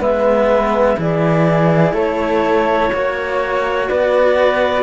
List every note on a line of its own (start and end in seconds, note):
0.00 0.97 G#3
0.00 0.97 B3
0.00 0.97 B4
0.00 0.99 E5
0.97 1.93 E3
0.97 2.91 E4
0.97 1.95 G#4
0.97 1.96 D5
1.93 2.90 A3
1.93 2.92 A4
1.93 3.88 C#5
2.93 3.90 A#3
2.93 4.83 F#4
2.93 3.90 C#5
3.88 4.83 B3
3.88 4.83 B4
3.88 4.83 D5